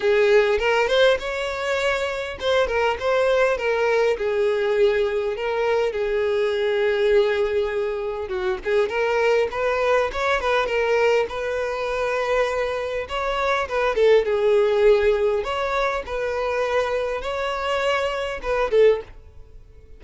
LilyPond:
\new Staff \with { instrumentName = "violin" } { \time 4/4 \tempo 4 = 101 gis'4 ais'8 c''8 cis''2 | c''8 ais'8 c''4 ais'4 gis'4~ | gis'4 ais'4 gis'2~ | gis'2 fis'8 gis'8 ais'4 |
b'4 cis''8 b'8 ais'4 b'4~ | b'2 cis''4 b'8 a'8 | gis'2 cis''4 b'4~ | b'4 cis''2 b'8 a'8 | }